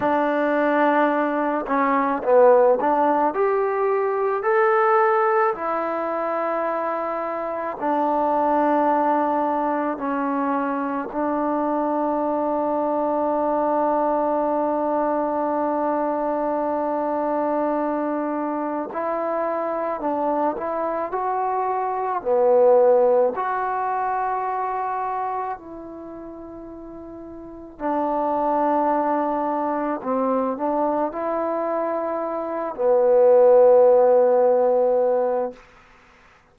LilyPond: \new Staff \with { instrumentName = "trombone" } { \time 4/4 \tempo 4 = 54 d'4. cis'8 b8 d'8 g'4 | a'4 e'2 d'4~ | d'4 cis'4 d'2~ | d'1~ |
d'4 e'4 d'8 e'8 fis'4 | b4 fis'2 e'4~ | e'4 d'2 c'8 d'8 | e'4. b2~ b8 | }